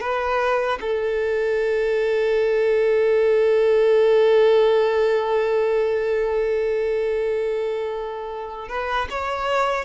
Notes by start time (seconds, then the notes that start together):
0.00 B4
0.81 A4
8.68 B4
9.10 C#5